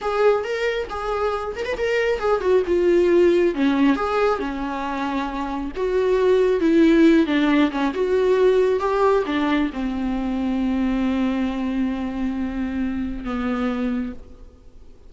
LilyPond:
\new Staff \with { instrumentName = "viola" } { \time 4/4 \tempo 4 = 136 gis'4 ais'4 gis'4. ais'16 b'16 | ais'4 gis'8 fis'8 f'2 | cis'4 gis'4 cis'2~ | cis'4 fis'2 e'4~ |
e'8 d'4 cis'8 fis'2 | g'4 d'4 c'2~ | c'1~ | c'2 b2 | }